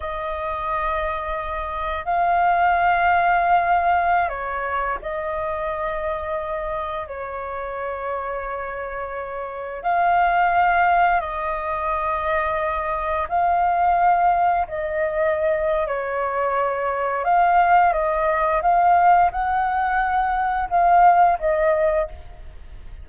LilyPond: \new Staff \with { instrumentName = "flute" } { \time 4/4 \tempo 4 = 87 dis''2. f''4~ | f''2~ f''16 cis''4 dis''8.~ | dis''2~ dis''16 cis''4.~ cis''16~ | cis''2~ cis''16 f''4.~ f''16~ |
f''16 dis''2. f''8.~ | f''4~ f''16 dis''4.~ dis''16 cis''4~ | cis''4 f''4 dis''4 f''4 | fis''2 f''4 dis''4 | }